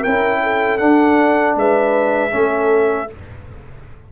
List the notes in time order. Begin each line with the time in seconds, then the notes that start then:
0.00 C#4 E4 A#4 G5
0.42 A4
0.77 D4 F#5
1.55 G#3 B4 E5
2.30 A3 C#4 A4